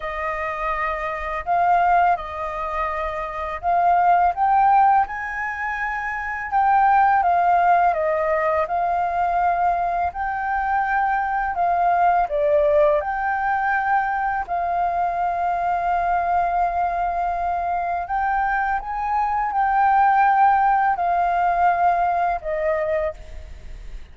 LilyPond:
\new Staff \with { instrumentName = "flute" } { \time 4/4 \tempo 4 = 83 dis''2 f''4 dis''4~ | dis''4 f''4 g''4 gis''4~ | gis''4 g''4 f''4 dis''4 | f''2 g''2 |
f''4 d''4 g''2 | f''1~ | f''4 g''4 gis''4 g''4~ | g''4 f''2 dis''4 | }